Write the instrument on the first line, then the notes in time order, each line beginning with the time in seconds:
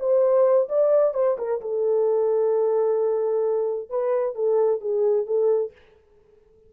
horn
0.00 C5
0.69 D5
1.15 C5
1.38 A#4
1.62 A4
3.90 B4
4.36 A4
4.81 G#4
5.27 A4